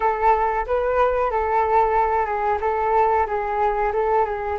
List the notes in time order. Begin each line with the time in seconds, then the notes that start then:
0.00 A4
0.66 B4
1.30 A4
2.25 G#4
2.61 A4
3.26 G#4
3.92 A4
4.25 G#4